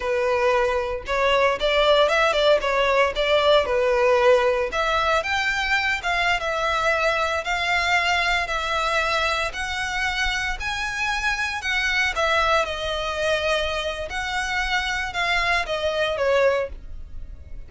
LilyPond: \new Staff \with { instrumentName = "violin" } { \time 4/4 \tempo 4 = 115 b'2 cis''4 d''4 | e''8 d''8 cis''4 d''4 b'4~ | b'4 e''4 g''4. f''8~ | f''16 e''2 f''4.~ f''16~ |
f''16 e''2 fis''4.~ fis''16~ | fis''16 gis''2 fis''4 e''8.~ | e''16 dis''2~ dis''8. fis''4~ | fis''4 f''4 dis''4 cis''4 | }